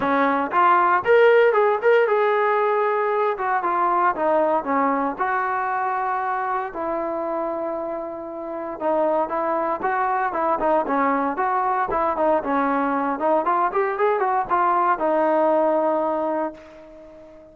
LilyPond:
\new Staff \with { instrumentName = "trombone" } { \time 4/4 \tempo 4 = 116 cis'4 f'4 ais'4 gis'8 ais'8 | gis'2~ gis'8 fis'8 f'4 | dis'4 cis'4 fis'2~ | fis'4 e'2.~ |
e'4 dis'4 e'4 fis'4 | e'8 dis'8 cis'4 fis'4 e'8 dis'8 | cis'4. dis'8 f'8 g'8 gis'8 fis'8 | f'4 dis'2. | }